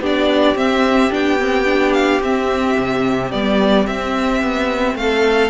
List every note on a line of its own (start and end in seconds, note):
0.00 0.55 B3
0.00 0.56 D4
0.00 4.96 G4
0.06 0.57 D5
0.55 1.10 C4
0.55 1.11 C4
0.55 1.12 E5
1.11 2.21 B3
1.11 1.38 D4
1.11 1.93 G5
1.40 1.65 C4
1.65 2.20 D4
1.93 2.21 F5
2.21 2.76 C4
2.21 3.32 C4
2.21 3.31 E5
2.78 3.33 C3
3.31 3.87 G3
3.31 3.86 B3
3.31 3.86 D5
3.86 5.50 C4
3.86 4.42 C4
3.86 4.97 E5
4.43 4.95 B3
4.95 5.50 A3
4.95 5.50 A4
4.95 5.50 F5